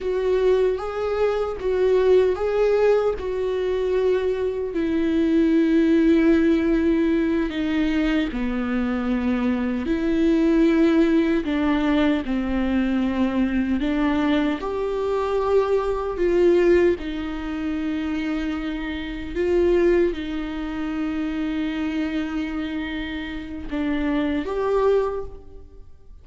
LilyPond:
\new Staff \with { instrumentName = "viola" } { \time 4/4 \tempo 4 = 76 fis'4 gis'4 fis'4 gis'4 | fis'2 e'2~ | e'4. dis'4 b4.~ | b8 e'2 d'4 c'8~ |
c'4. d'4 g'4.~ | g'8 f'4 dis'2~ dis'8~ | dis'8 f'4 dis'2~ dis'8~ | dis'2 d'4 g'4 | }